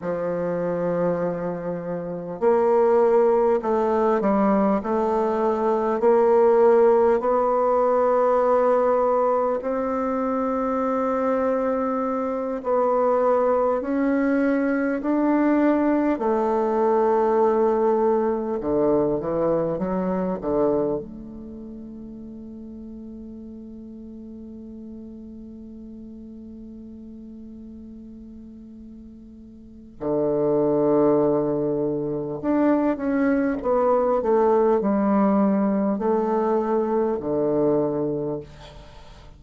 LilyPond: \new Staff \with { instrumentName = "bassoon" } { \time 4/4 \tempo 4 = 50 f2 ais4 a8 g8 | a4 ais4 b2 | c'2~ c'8 b4 cis'8~ | cis'8 d'4 a2 d8 |
e8 fis8 d8 a2~ a8~ | a1~ | a4 d2 d'8 cis'8 | b8 a8 g4 a4 d4 | }